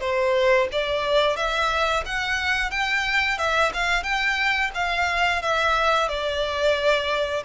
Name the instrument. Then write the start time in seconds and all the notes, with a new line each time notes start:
violin
0.00 C5
0.72 D5
1.36 E5
2.05 F#5
2.71 G5
3.38 E5
3.73 F5
4.03 G5
4.74 F5
5.41 E5
6.08 D5